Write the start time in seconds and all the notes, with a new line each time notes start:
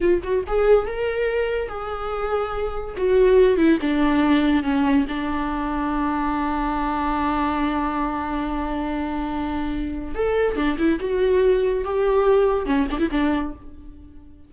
0.00 F4
0.23 F#4
0.47 G#4
0.86 A#4
1.68 G#4
2.97 F#4
3.57 E4
3.81 D4
4.63 C#4
5.08 D4
10.14 A4
10.55 D4
10.78 E4
11.00 F#4
11.84 G4
12.66 C#4
12.91 D4
12.98 E4
13.11 D4